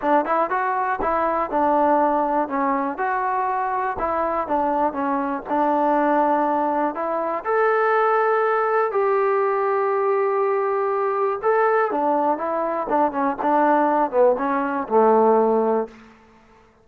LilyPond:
\new Staff \with { instrumentName = "trombone" } { \time 4/4 \tempo 4 = 121 d'8 e'8 fis'4 e'4 d'4~ | d'4 cis'4 fis'2 | e'4 d'4 cis'4 d'4~ | d'2 e'4 a'4~ |
a'2 g'2~ | g'2. a'4 | d'4 e'4 d'8 cis'8 d'4~ | d'8 b8 cis'4 a2 | }